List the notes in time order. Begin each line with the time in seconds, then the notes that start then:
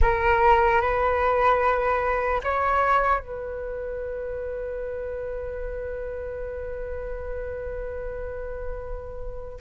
0.01 A#4
0.81 B4
2.43 C#5
3.19 B4